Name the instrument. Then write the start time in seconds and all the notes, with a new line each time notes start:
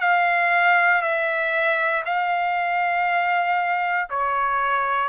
trumpet
0.00 F5
1.01 E5
2.05 F5
4.09 C#5